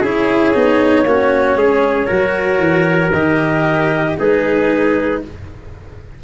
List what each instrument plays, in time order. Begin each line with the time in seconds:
0.00 tuba C#4, cello E4, trumpet G#4, clarinet C#5
0.54 tuba B3, cello D#4
1.04 tuba A#3, cello C#4, trumpet F#4
1.55 tuba G#3, trumpet G#4
2.06 tuba F#3, cello F#4, trumpet A#4
2.59 tuba E3
3.12 tuba D#3, cello G4, clarinet D#5
4.18 tuba G#3, cello D#4, trumpet G#4, clarinet B4